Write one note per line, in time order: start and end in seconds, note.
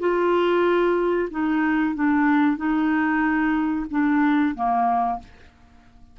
0.00 1.29 F4
1.30 1.95 D#4
1.95 2.57 D4
2.57 3.86 D#4
3.91 4.55 D4
4.55 5.20 A#3